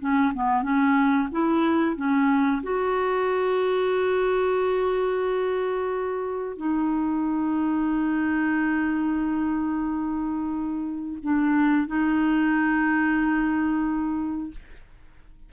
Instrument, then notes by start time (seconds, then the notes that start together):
clarinet
0.00 C#4
0.34 B3
0.63 C#4
1.32 E4
1.96 C#4
2.63 F#4
6.57 D#4
11.23 D4
11.87 D#4